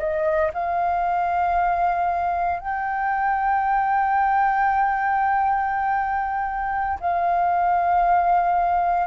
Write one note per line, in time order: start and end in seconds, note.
0.00 0.52 D#5
0.54 2.60 F5
2.60 7.00 G5
7.01 9.07 F5